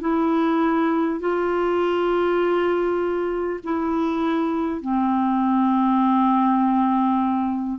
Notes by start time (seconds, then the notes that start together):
0.00 E4
1.20 F4
3.63 E4
4.81 C4